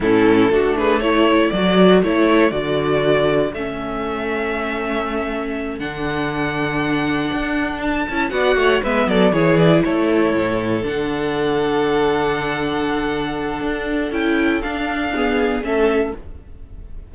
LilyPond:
<<
  \new Staff \with { instrumentName = "violin" } { \time 4/4 \tempo 4 = 119 a'4. b'8 cis''4 d''4 | cis''4 d''2 e''4~ | e''2.~ e''8 fis''8~ | fis''2.~ fis''8 a''8~ |
a''8 fis''4 e''8 d''8 cis''8 d''8 cis''8~ | cis''4. fis''2~ fis''8~ | fis''1 | g''4 f''2 e''4 | }
  \new Staff \with { instrumentName = "violin" } { \time 4/4 e'4 fis'8 gis'8 a'2~ | a'1~ | a'1~ | a'1~ |
a'8 d''8 cis''8 b'8 a'8 gis'4 a'8~ | a'1~ | a'1~ | a'2 gis'4 a'4 | }
  \new Staff \with { instrumentName = "viola" } { \time 4/4 cis'4 d'4 e'4 fis'4 | e'4 fis'2 cis'4~ | cis'2.~ cis'8 d'8~ | d'1 |
e'8 fis'4 b4 e'4.~ | e'4. d'2~ d'8~ | d'1 | e'4 d'4 b4 cis'4 | }
  \new Staff \with { instrumentName = "cello" } { \time 4/4 a,4 a2 fis4 | a4 d2 a4~ | a2.~ a8 d8~ | d2~ d8 d'4. |
cis'8 b8 a8 gis8 fis8 e4 a8~ | a8 a,4 d2~ d8~ | d2. d'4 | cis'4 d'2 a4 | }
>>